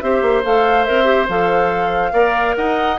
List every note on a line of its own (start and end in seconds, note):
0.00 0.21 C4
0.00 0.43 G4
0.00 2.12 C5
0.00 0.43 E5
0.21 0.43 A#3
0.43 0.87 A3
0.43 0.85 A4
0.43 0.84 F5
0.84 1.28 C4
0.84 1.04 A#4
0.84 1.27 E5
1.04 1.25 G4
1.28 2.12 F3
1.28 2.12 A4
1.28 2.56 F5
2.12 2.55 A#3
2.12 2.97 A#4
2.12 2.55 D5
2.56 2.98 D#4
2.56 2.98 D#5
2.56 2.98 F#5